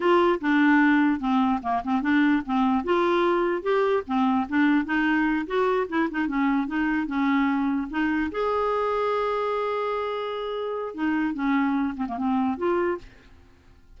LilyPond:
\new Staff \with { instrumentName = "clarinet" } { \time 4/4 \tempo 4 = 148 f'4 d'2 c'4 | ais8 c'8 d'4 c'4 f'4~ | f'4 g'4 c'4 d'4 | dis'4. fis'4 e'8 dis'8 cis'8~ |
cis'8 dis'4 cis'2 dis'8~ | dis'8 gis'2.~ gis'8~ | gis'2. dis'4 | cis'4. c'16 ais16 c'4 f'4 | }